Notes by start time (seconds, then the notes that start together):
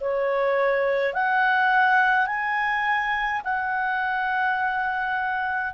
0.00 C#5
1.13 F#5
2.26 G#5
3.44 F#5